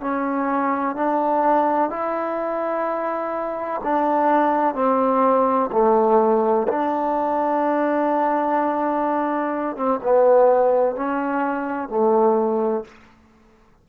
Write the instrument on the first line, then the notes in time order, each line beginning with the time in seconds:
trombone
0.00 C#4
0.95 D4
1.90 E4
3.83 D4
4.74 C4
5.72 A3
6.68 D4
9.76 C4
10.03 B3
10.95 C#4
11.89 A3